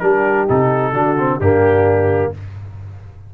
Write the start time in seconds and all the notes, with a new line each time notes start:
0.00 G3 D4 G4 A#4
0.48 C3 D#4 A4
0.93 D3 D4 F#4
1.18 C4
1.40 G2 A#3 D4 G4